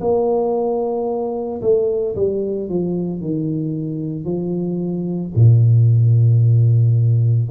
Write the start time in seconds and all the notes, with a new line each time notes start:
0.00 A#3
1.62 A3
2.15 G3
2.69 F3
3.20 D#3
4.25 F3
5.35 A#2